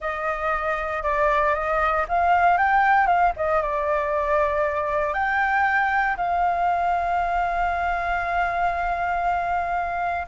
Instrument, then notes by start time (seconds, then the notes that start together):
flute
0.00 D#5
1.03 D5
1.54 D#5
2.08 F5
2.57 G5
3.06 F5
3.36 D#5
3.62 D5
5.13 G5
6.16 F5